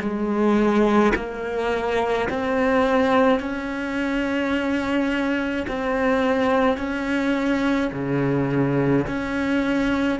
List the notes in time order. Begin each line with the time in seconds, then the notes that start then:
0.00 G#3
1.16 A#3
2.30 C4
3.40 C#4
5.68 C4
6.78 C#4
7.93 C#3
9.08 C#4